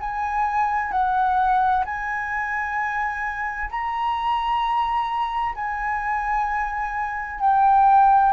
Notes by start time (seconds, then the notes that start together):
0.00 G#5
0.91 F#5
1.85 G#5
3.70 A#5
5.56 G#5
7.40 G5